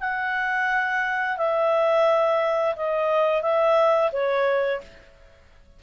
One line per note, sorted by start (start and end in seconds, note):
0.00 1.37 F#5
1.37 2.75 E5
2.76 3.42 D#5
3.42 4.11 E5
4.12 4.81 C#5